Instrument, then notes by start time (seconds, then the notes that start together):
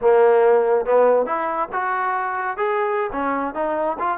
trombone
0.01 A#3
0.85 B3
1.26 E4
1.72 F#4
2.57 G#4
3.12 C#4
3.54 D#4
3.99 F4